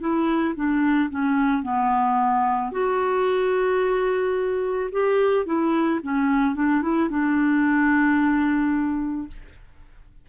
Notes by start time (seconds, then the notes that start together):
0.00 E4
0.55 D4
1.10 C#4
1.63 B3
2.72 F#4
4.91 G4
5.45 E4
6.03 C#4
6.55 D4
6.82 E4
7.10 D4